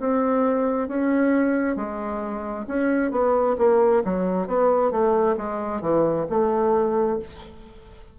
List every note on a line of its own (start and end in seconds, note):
0.00 0.88 C4
0.88 1.76 C#4
1.76 2.66 G#3
2.68 3.11 C#4
3.11 3.56 B3
3.58 4.03 A#3
4.05 4.48 F#3
4.48 4.91 B3
4.91 5.36 A3
5.37 5.82 G#3
5.82 6.26 E3
6.30 7.19 A3